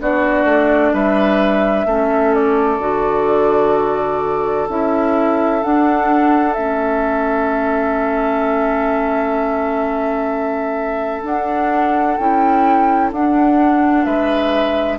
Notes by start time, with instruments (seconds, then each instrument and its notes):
0.00 bassoon B3, clarinet D4, oboe F#4, flute D5
0.45 bassoon A3
0.93 bassoon G3, oboe B4, flute E5
1.85 bassoon A3, clarinet C#4, oboe A4
2.34 flute D5
2.79 bassoon D3, clarinet F#4
4.69 bassoon C#4, clarinet E4, flute E5
5.62 clarinet D4, bassoon D4, flute F#5
6.53 bassoon A3, clarinet C#4, flute E5
11.24 bassoon D4, clarinet D4, flute F#5
12.17 bassoon C#4, clarinet E4, flute G5
13.12 bassoon D4, clarinet D4, flute F#5
14.04 bassoon G#3, oboe B4, flute E5